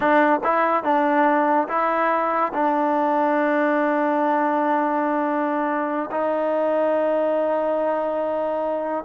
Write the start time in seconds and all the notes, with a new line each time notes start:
0.00 D4
0.43 E4
0.83 D4
1.68 E4
2.53 D4
6.11 D#4